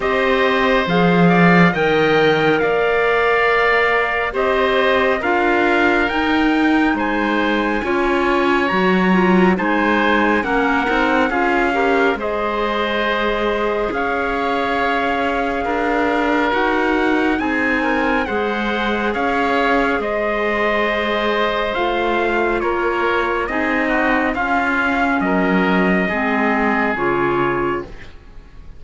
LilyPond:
<<
  \new Staff \with { instrumentName = "trumpet" } { \time 4/4 \tempo 4 = 69 dis''4 f''4 g''4 f''4~ | f''4 dis''4 f''4 g''4 | gis''2 ais''4 gis''4 | fis''4 f''4 dis''2 |
f''2. fis''4 | gis''4 fis''4 f''4 dis''4~ | dis''4 f''4 cis''4 dis''4 | f''4 dis''2 cis''4 | }
  \new Staff \with { instrumentName = "oboe" } { \time 4/4 c''4. d''8 dis''4 d''4~ | d''4 c''4 ais'2 | c''4 cis''2 c''4 | ais'4 gis'8 ais'8 c''2 |
cis''2 ais'2 | gis'8 ais'8 c''4 cis''4 c''4~ | c''2 ais'4 gis'8 fis'8 | f'4 ais'4 gis'2 | }
  \new Staff \with { instrumentName = "clarinet" } { \time 4/4 g'4 gis'4 ais'2~ | ais'4 g'4 f'4 dis'4~ | dis'4 f'4 fis'8 f'8 dis'4 | cis'8 dis'8 f'8 g'8 gis'2~ |
gis'2. fis'4 | dis'4 gis'2.~ | gis'4 f'2 dis'4 | cis'2 c'4 f'4 | }
  \new Staff \with { instrumentName = "cello" } { \time 4/4 c'4 f4 dis4 ais4~ | ais4 c'4 d'4 dis'4 | gis4 cis'4 fis4 gis4 | ais8 c'8 cis'4 gis2 |
cis'2 d'4 dis'4 | c'4 gis4 cis'4 gis4~ | gis4 a4 ais4 c'4 | cis'4 fis4 gis4 cis4 | }
>>